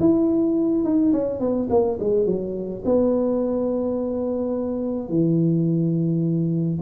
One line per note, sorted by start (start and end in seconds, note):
0.00 0.84 E4
0.84 1.12 D#4
1.13 1.40 C#4
1.40 1.68 B3
1.70 1.98 A#3
2.00 2.26 G#3
2.26 2.83 F#3
2.85 5.09 B3
5.09 6.79 E3